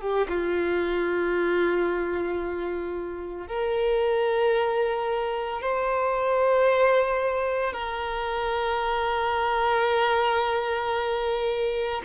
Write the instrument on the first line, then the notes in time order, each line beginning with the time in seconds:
violin
0.00 G4
0.29 F4
3.47 A#4
5.61 C5
7.73 A#4